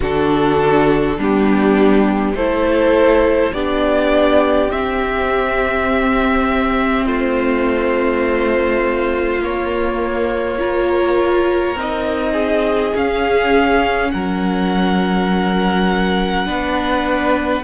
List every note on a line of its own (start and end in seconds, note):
0.00 1.17 D3
0.00 1.19 D4
0.00 1.17 F#4
0.00 1.20 A4
1.17 2.34 G3
1.17 2.36 B3
1.17 2.35 D4
1.17 2.35 G4
2.34 3.51 A3
2.34 3.54 E4
2.34 3.53 A4
2.34 3.53 C5
3.53 4.71 B3
3.53 4.69 D4
3.53 7.05 G4
3.53 4.70 D5
4.69 9.40 C4
4.69 7.06 C4
4.69 7.06 E5
7.05 9.40 A3
7.05 10.58 F4
7.05 9.41 C5
9.40 11.75 A#3
9.40 10.58 A#3
9.40 11.79 C#5
10.58 11.76 F4
10.58 12.32 A#4
11.75 12.93 C4
11.75 12.94 D#4
11.75 12.96 D#5
12.32 14.08 G#4
12.94 16.46 C#4
12.94 14.12 C#4
12.94 14.11 F5
14.11 16.46 F#3
14.11 16.46 A#4
14.11 17.63 F#5
16.46 17.63 B3
16.46 17.63 D4
16.46 17.63 B4